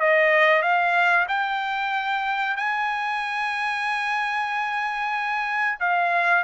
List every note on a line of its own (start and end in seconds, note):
0.00 0.62 D#5
0.62 1.27 F5
1.28 2.57 G5
2.57 5.79 G#5
5.80 6.44 F5